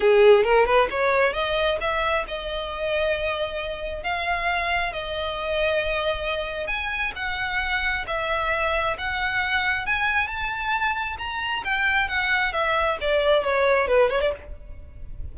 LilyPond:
\new Staff \with { instrumentName = "violin" } { \time 4/4 \tempo 4 = 134 gis'4 ais'8 b'8 cis''4 dis''4 | e''4 dis''2.~ | dis''4 f''2 dis''4~ | dis''2. gis''4 |
fis''2 e''2 | fis''2 gis''4 a''4~ | a''4 ais''4 g''4 fis''4 | e''4 d''4 cis''4 b'8 cis''16 d''16 | }